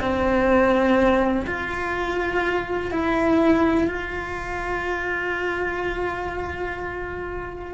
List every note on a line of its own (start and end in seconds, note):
0.00 1.45 C4
1.46 2.91 F4
2.91 3.87 E4
3.87 7.74 F4